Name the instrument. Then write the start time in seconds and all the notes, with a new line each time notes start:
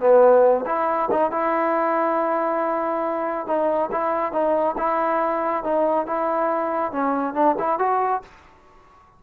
trombone
0.00 B3
0.66 E4
1.11 D#4
1.31 E4
3.47 D#4
3.91 E4
4.32 D#4
4.77 E4
5.63 D#4
6.06 E4
6.92 C#4
7.34 D4
7.59 E4
7.79 F#4